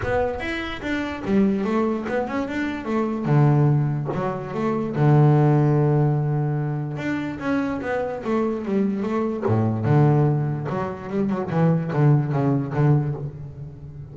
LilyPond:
\new Staff \with { instrumentName = "double bass" } { \time 4/4 \tempo 4 = 146 b4 e'4 d'4 g4 | a4 b8 cis'8 d'4 a4 | d2 fis4 a4 | d1~ |
d4 d'4 cis'4 b4 | a4 g4 a4 a,4 | d2 fis4 g8 fis8 | e4 d4 cis4 d4 | }